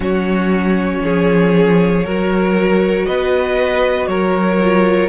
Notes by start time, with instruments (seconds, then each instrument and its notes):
0.00 cello F#3, viola C#4, violin F#4 C#5
1.04 cello F3, violin G#4
2.04 cello F#3, viola F#4, violin A#4
3.05 cello B3, violin B4 D#5
4.07 cello F#3, violin A#4 C#5
4.60 viola F4